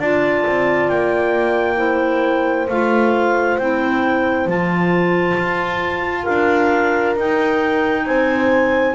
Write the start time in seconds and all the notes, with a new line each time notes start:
0.00 D4 F4 D5 A5
0.47 C4
0.89 A#3 G5
1.77 E4 C5
2.69 A3 F4 F5
3.59 C4 E4 G5
4.47 F3 F4 A5
5.38 F4
6.24 D4 A#4 F5
7.17 D#4 G5
8.06 C4 C5 G#5